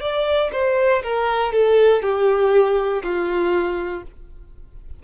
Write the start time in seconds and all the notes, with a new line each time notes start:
0.00 D5
0.52 C5
1.02 A#4
1.52 A4
2.02 G4
3.02 F4